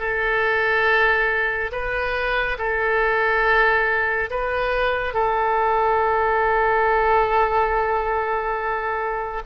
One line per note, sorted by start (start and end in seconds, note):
0.00 1.71 A4
1.72 2.58 B4
2.59 4.30 A4
4.31 5.14 B4
5.14 9.43 A4